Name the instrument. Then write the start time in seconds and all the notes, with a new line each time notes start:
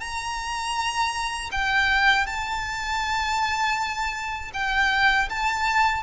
violin
0.00 A#5
1.52 G5
2.26 A5
4.54 G5
5.29 A5